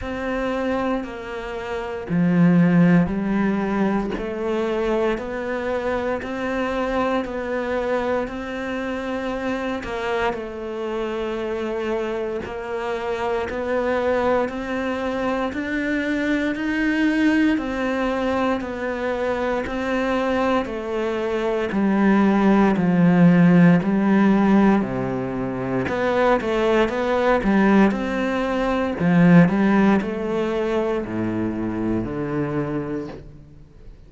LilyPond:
\new Staff \with { instrumentName = "cello" } { \time 4/4 \tempo 4 = 58 c'4 ais4 f4 g4 | a4 b4 c'4 b4 | c'4. ais8 a2 | ais4 b4 c'4 d'4 |
dis'4 c'4 b4 c'4 | a4 g4 f4 g4 | c4 b8 a8 b8 g8 c'4 | f8 g8 a4 a,4 d4 | }